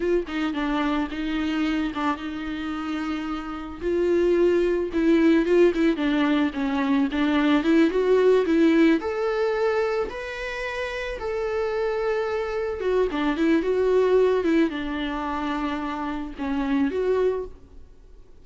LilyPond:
\new Staff \with { instrumentName = "viola" } { \time 4/4 \tempo 4 = 110 f'8 dis'8 d'4 dis'4. d'8 | dis'2. f'4~ | f'4 e'4 f'8 e'8 d'4 | cis'4 d'4 e'8 fis'4 e'8~ |
e'8 a'2 b'4.~ | b'8 a'2. fis'8 | d'8 e'8 fis'4. e'8 d'4~ | d'2 cis'4 fis'4 | }